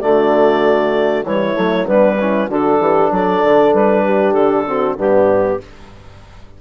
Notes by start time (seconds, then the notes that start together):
0.00 D3 A3 F#4 D5
1.24 E3 G3 E4 C#5
1.54 F#3 A3
1.86 G3 B3 D4 B4
2.19 C#4 E4
2.48 D3 D4 F#4 A4
2.79 E3 G4
3.10 F#3 A4 D5
3.44 D3
3.73 G3 B4
4.04 G4
4.33 D3 A4
4.66 C4 F#4
4.96 G2 B3 D4 G4